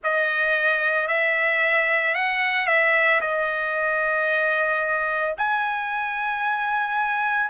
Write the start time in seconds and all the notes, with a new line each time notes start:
0.03 D#5
1.07 E5
2.14 F#5
2.66 E5
3.20 D#5
5.37 G#5